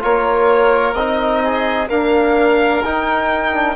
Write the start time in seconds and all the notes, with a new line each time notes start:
0.00 A#3 F4 A#4 C#5
0.94 C4 D#4 D#5
1.43 G#4
1.88 A#3 D4 A#4 F5
2.83 D#4 G5
3.53 D4